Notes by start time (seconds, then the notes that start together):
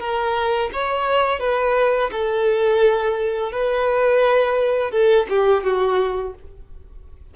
0.00 A#4
0.73 C#5
1.40 B4
2.12 A4
3.52 B4
4.92 A4
5.30 G4
5.64 F#4